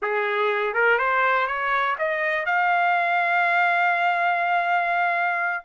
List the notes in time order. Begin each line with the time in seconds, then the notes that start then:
0.02 G#4
0.74 A#4
0.98 C5
1.47 C#5
1.98 D#5
2.45 F5